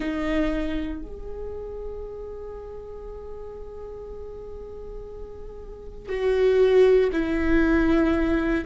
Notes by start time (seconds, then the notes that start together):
0.00 D#4
1.02 G#4
6.08 F#4
7.12 E4